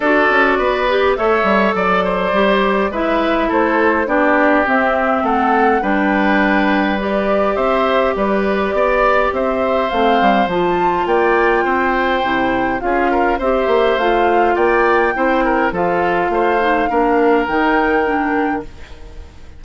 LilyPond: <<
  \new Staff \with { instrumentName = "flute" } { \time 4/4 \tempo 4 = 103 d''2 e''4 d''4~ | d''4 e''4 c''4 d''4 | e''4 fis''4 g''2 | d''4 e''4 d''2 |
e''4 f''4 a''4 g''4~ | g''2 f''4 e''4 | f''4 g''2 f''4~ | f''2 g''2 | }
  \new Staff \with { instrumentName = "oboe" } { \time 4/4 a'4 b'4 cis''4 d''8 c''8~ | c''4 b'4 a'4 g'4~ | g'4 a'4 b'2~ | b'4 c''4 b'4 d''4 |
c''2. d''4 | c''2 gis'8 ais'8 c''4~ | c''4 d''4 c''8 ais'8 a'4 | c''4 ais'2. | }
  \new Staff \with { instrumentName = "clarinet" } { \time 4/4 fis'4. g'8 a'2 | g'4 e'2 d'4 | c'2 d'2 | g'1~ |
g'4 c'4 f'2~ | f'4 e'4 f'4 g'4 | f'2 e'4 f'4~ | f'8 dis'8 d'4 dis'4 d'4 | }
  \new Staff \with { instrumentName = "bassoon" } { \time 4/4 d'8 cis'8 b4 a8 g8 fis4 | g4 gis4 a4 b4 | c'4 a4 g2~ | g4 c'4 g4 b4 |
c'4 a8 g8 f4 ais4 | c'4 c4 cis'4 c'8 ais8 | a4 ais4 c'4 f4 | a4 ais4 dis2 | }
>>